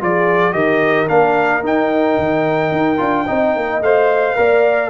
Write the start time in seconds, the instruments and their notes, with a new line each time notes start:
0.00 tuba F3, trombone F4, horn G#4, trumpet D5
0.52 tuba D#3, trombone G4, horn A#4, trumpet D#5
1.08 tuba A#3, trombone D4, trumpet F5
1.63 trombone D#4, tuba D#4, trumpet G5
2.18 tuba D#3
2.72 tuba D#4
2.97 tuba D4, trombone F4
3.27 tuba C4, trombone D#4, horn D#5
3.56 tuba A#3
3.81 tuba A3, trombone C5, trumpet F5
4.36 tuba A#3, trombone A#4, horn D5